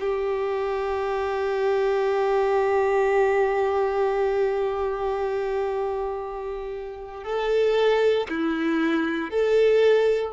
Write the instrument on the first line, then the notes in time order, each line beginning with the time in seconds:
violin
0.00 G4
7.24 A4
8.29 E4
9.30 A4